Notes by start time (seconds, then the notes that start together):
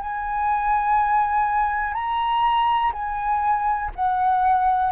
0.00 G#5
1.94 A#5
2.93 G#5
3.96 F#5